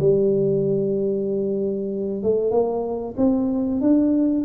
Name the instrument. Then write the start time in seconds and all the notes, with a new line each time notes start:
tuba
0.00 G3
2.24 A3
2.52 A#3
3.18 C4
3.82 D4